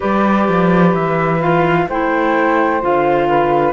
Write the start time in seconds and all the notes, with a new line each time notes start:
0.00 G3 G4 B4 D5
0.48 F3
0.93 E3 E5
1.40 F4 F5
1.88 A3 E4 C5 G5
2.81 D3 F4 F5
3.28 B4